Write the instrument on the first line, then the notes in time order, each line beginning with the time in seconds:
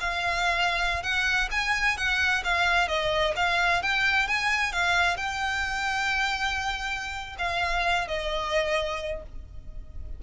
violin
0.00 F5
1.03 F#5
1.51 G#5
1.97 F#5
2.44 F5
2.88 D#5
3.36 F5
3.82 G5
4.28 G#5
4.72 F5
5.17 G5
7.38 F5
8.07 D#5